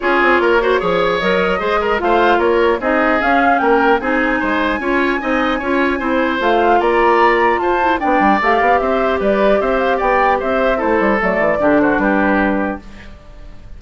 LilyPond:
<<
  \new Staff \with { instrumentName = "flute" } { \time 4/4 \tempo 4 = 150 cis''2. dis''4~ | dis''4 f''4 cis''4 dis''4 | f''4 g''4 gis''2~ | gis''1 |
f''4 ais''2 a''4 | g''4 f''4 e''4 d''4 | e''8 f''8 g''4 e''4 c''4 | d''4. c''8 b'2 | }
  \new Staff \with { instrumentName = "oboe" } { \time 4/4 gis'4 ais'8 c''8 cis''2 | c''8 ais'8 c''4 ais'4 gis'4~ | gis'4 ais'4 gis'4 c''4 | cis''4 dis''4 cis''4 c''4~ |
c''4 d''2 c''4 | d''2 c''4 b'4 | c''4 d''4 c''4 a'4~ | a'4 g'8 fis'8 g'2 | }
  \new Staff \with { instrumentName = "clarinet" } { \time 4/4 f'4. fis'8 gis'4 ais'4 | gis'4 f'2 dis'4 | cis'2 dis'2 | f'4 dis'4 f'4 e'4 |
f'2.~ f'8 e'8 | d'4 g'2.~ | g'2. e'4 | a4 d'2. | }
  \new Staff \with { instrumentName = "bassoon" } { \time 4/4 cis'8 c'8 ais4 f4 fis4 | gis4 a4 ais4 c'4 | cis'4 ais4 c'4 gis4 | cis'4 c'4 cis'4 c'4 |
a4 ais2 f'4 | b8 g8 a8 b8 c'4 g4 | c'4 b4 c'4 a8 g8 | fis8 e8 d4 g2 | }
>>